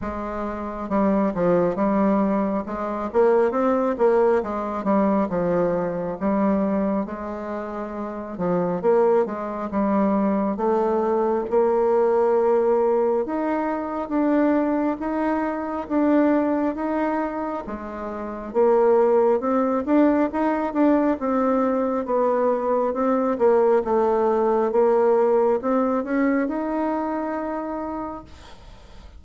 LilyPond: \new Staff \with { instrumentName = "bassoon" } { \time 4/4 \tempo 4 = 68 gis4 g8 f8 g4 gis8 ais8 | c'8 ais8 gis8 g8 f4 g4 | gis4. f8 ais8 gis8 g4 | a4 ais2 dis'4 |
d'4 dis'4 d'4 dis'4 | gis4 ais4 c'8 d'8 dis'8 d'8 | c'4 b4 c'8 ais8 a4 | ais4 c'8 cis'8 dis'2 | }